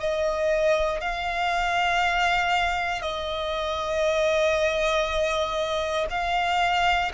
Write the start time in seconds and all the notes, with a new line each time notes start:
0.00 D#5
1.01 F5
3.01 D#5
6.10 F5